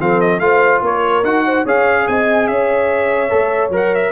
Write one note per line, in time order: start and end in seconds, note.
0.00 0.40 F3
0.00 0.41 C4
0.00 0.42 A4
0.00 0.20 F5
0.20 0.39 D#5
0.39 0.81 A3
0.39 1.24 F4
0.39 0.84 C5
0.39 0.81 F5
0.82 1.23 A#3
0.82 1.46 A#4
0.82 1.24 C#5
1.23 1.64 D#4
1.23 1.66 F#4
1.23 1.66 F#5
1.46 1.64 C5
1.64 2.07 C#4
1.64 3.29 G#4
1.64 2.06 C#5
1.64 2.07 F5
2.07 2.49 C4
2.07 2.50 D#5
2.07 2.47 G#5
2.47 3.32 C#4
2.47 4.12 C#5
2.47 3.71 E5
3.29 3.69 A3
3.29 3.71 A4
3.69 4.11 F#3
3.69 4.12 A#4
3.76 3.95 F#5
3.95 4.12 E5